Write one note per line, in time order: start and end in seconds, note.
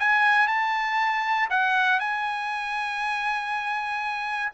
0.00 0.48 G#5
0.48 1.49 A5
1.50 2.00 F#5
2.00 4.52 G#5